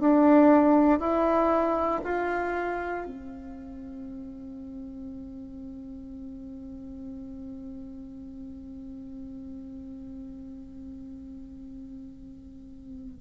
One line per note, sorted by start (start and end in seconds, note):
0.00 1.00 D4
1.00 2.02 E4
2.05 3.06 F4
3.06 13.21 C4